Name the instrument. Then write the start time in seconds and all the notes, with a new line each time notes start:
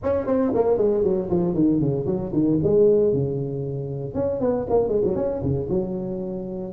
tuba
0.03 C#4
0.26 C4
0.54 A#3
0.77 G#3
1.03 F#3
1.30 F3
1.54 D#3
1.80 C#3
2.06 F#3
2.32 D#3
2.63 G#3
3.13 C#3
4.14 C#4
4.40 B3
4.69 A#3
4.88 G#3
5.04 F#3
5.15 C#4
5.42 C#3
5.69 F#3